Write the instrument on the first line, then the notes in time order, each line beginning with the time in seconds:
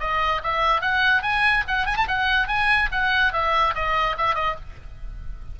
oboe
0.00 D#5
0.43 E5
0.81 F#5
1.22 G#5
1.67 F#5
1.86 G#5
1.96 A5
2.07 F#5
2.48 G#5
2.91 F#5
3.33 E5
3.75 D#5
4.18 E5
4.35 D#5